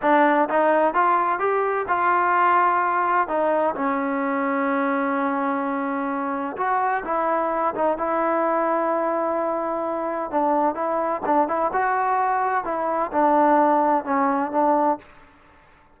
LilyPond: \new Staff \with { instrumentName = "trombone" } { \time 4/4 \tempo 4 = 128 d'4 dis'4 f'4 g'4 | f'2. dis'4 | cis'1~ | cis'2 fis'4 e'4~ |
e'8 dis'8 e'2.~ | e'2 d'4 e'4 | d'8 e'8 fis'2 e'4 | d'2 cis'4 d'4 | }